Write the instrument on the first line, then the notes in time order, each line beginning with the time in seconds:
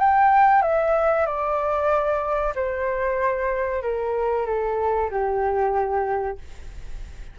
flute
0.00 G5
0.63 E5
1.26 D5
2.56 C5
3.83 A#4
4.47 A4
5.11 G4